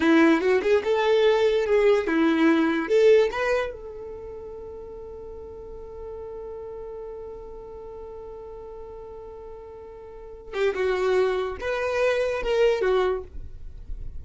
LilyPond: \new Staff \with { instrumentName = "violin" } { \time 4/4 \tempo 4 = 145 e'4 fis'8 gis'8 a'2 | gis'4 e'2 a'4 | b'4 a'2.~ | a'1~ |
a'1~ | a'1~ | a'4. g'8 fis'2 | b'2 ais'4 fis'4 | }